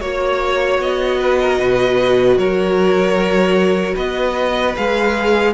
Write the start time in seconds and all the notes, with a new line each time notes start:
0.00 A#3 F#4 C#5
0.07 C#5
0.78 B3 D#5
1.19 B4
1.40 A#4
1.58 B2 B4
2.37 F#3 A#4 C#5
3.94 B3 B4 D#5
4.76 G#3 G#4 F5